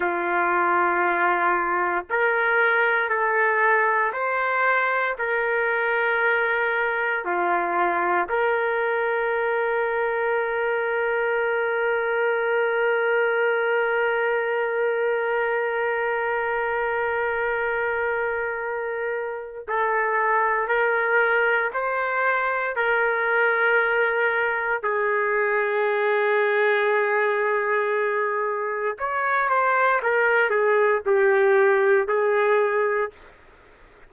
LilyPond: \new Staff \with { instrumentName = "trumpet" } { \time 4/4 \tempo 4 = 58 f'2 ais'4 a'4 | c''4 ais'2 f'4 | ais'1~ | ais'1~ |
ais'2. a'4 | ais'4 c''4 ais'2 | gis'1 | cis''8 c''8 ais'8 gis'8 g'4 gis'4 | }